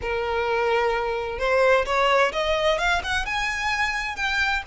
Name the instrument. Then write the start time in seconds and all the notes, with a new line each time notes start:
violin
0.01 A#4
1.38 C5
1.85 C#5
2.32 D#5
2.78 F5
3.03 F#5
3.25 G#5
4.16 G5